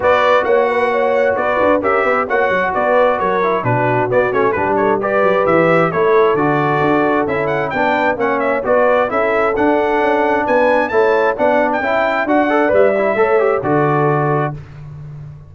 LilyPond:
<<
  \new Staff \with { instrumentName = "trumpet" } { \time 4/4 \tempo 4 = 132 d''4 fis''2 d''4 | e''4 fis''4 d''4 cis''4 | b'4 d''8 cis''8 b'8 cis''8 d''4 | e''4 cis''4 d''2 |
e''8 fis''8 g''4 fis''8 e''8 d''4 | e''4 fis''2 gis''4 | a''4 fis''8. g''4~ g''16 fis''4 | e''2 d''2 | }
  \new Staff \with { instrumentName = "horn" } { \time 4/4 b'4 cis''8 b'8 cis''4 b'4 | ais'8 b'8 cis''4 b'4 ais'4 | fis'2 g'8 a'8 b'4~ | b'4 a'2.~ |
a'4 b'4 cis''4 b'4 | a'2. b'4 | cis''4 d''4 e''4 d''4~ | d''4 cis''4 a'2 | }
  \new Staff \with { instrumentName = "trombone" } { \time 4/4 fis'1 | g'4 fis'2~ fis'8 e'8 | d'4 b8 cis'8 d'4 g'4~ | g'4 e'4 fis'2 |
e'4 d'4 cis'4 fis'4 | e'4 d'2. | e'4 d'4 e'4 fis'8 a'8 | b'8 e'8 a'8 g'8 fis'2 | }
  \new Staff \with { instrumentName = "tuba" } { \time 4/4 b4 ais2 b8 d'8 | cis'8 b8 ais8 fis8 b4 fis4 | b,4 b8 a8 g4. fis8 | e4 a4 d4 d'4 |
cis'4 b4 ais4 b4 | cis'4 d'4 cis'4 b4 | a4 b4 cis'4 d'4 | g4 a4 d2 | }
>>